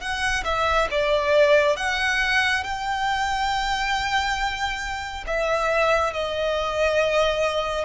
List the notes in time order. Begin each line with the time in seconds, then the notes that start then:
0.00 F#5
0.44 E5
0.91 D5
1.76 F#5
2.63 G5
5.27 E5
6.13 D#5